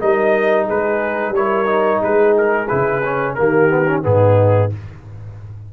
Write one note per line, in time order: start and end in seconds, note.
0.00 0.69 G3
0.00 1.35 D#4
0.00 0.66 A#4
0.00 0.68 D#5
0.66 1.30 G#3
0.66 1.33 G#4
0.66 1.35 B4
1.30 1.97 G3
1.30 1.66 E4
1.30 2.03 C#5
1.36 2.01 A#4
1.66 2.67 D#4
2.01 2.70 G#3
2.01 3.36 G#4
2.01 2.37 B4
2.38 2.68 A#4
2.68 3.40 C#3
2.68 3.03 E4
2.68 3.35 B4
3.04 3.37 C#4
3.35 4.06 D#3
3.35 3.69 A#3
3.35 4.04 G4
3.35 4.02 A#4
3.69 3.86 B3
3.87 4.03 C#4
4.03 4.73 G#2
4.03 4.70 B3
4.03 4.72 D#4
4.03 4.72 G#4